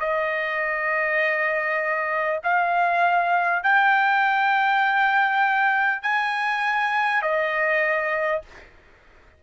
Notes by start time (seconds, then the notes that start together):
0.00 D#5
2.43 F5
3.63 G5
6.02 G#5
7.22 D#5